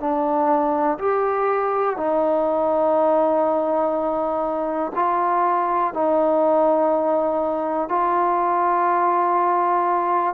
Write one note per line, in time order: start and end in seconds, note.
0.00 0.98 D4
0.99 1.97 G4
1.97 4.92 D#4
4.96 5.94 F4
5.94 7.89 D#4
7.89 10.35 F4